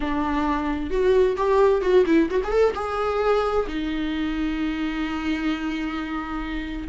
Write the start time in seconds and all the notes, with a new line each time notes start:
0.00 D4
0.90 F#4
1.37 G4
1.81 F#4
2.06 E4
2.30 F#4
2.44 G#4
2.50 A4
2.74 G#4
3.67 D#4